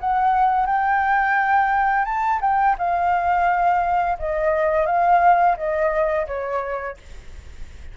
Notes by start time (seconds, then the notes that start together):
0.00 F#5
0.66 G5
2.05 A5
2.41 G5
2.78 F5
4.19 D#5
4.86 F5
5.57 D#5
6.27 C#5